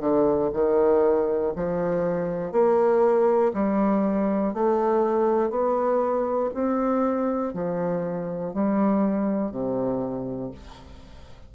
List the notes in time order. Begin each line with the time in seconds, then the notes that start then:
0.00 D3
0.53 D#3
1.55 F3
2.52 A#3
3.53 G3
4.54 A3
5.50 B3
6.54 C4
7.54 F3
8.53 G3
9.51 C3